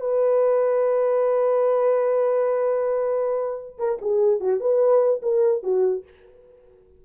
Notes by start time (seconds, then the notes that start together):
0.00 B4
3.78 A#4
4.01 G#4
4.40 F#4
4.60 B4
5.22 A#4
5.63 F#4